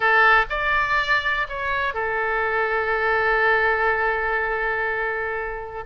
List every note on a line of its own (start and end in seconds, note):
0.00 0.45 A4
0.49 1.47 D5
1.49 1.94 C#5
1.94 5.84 A4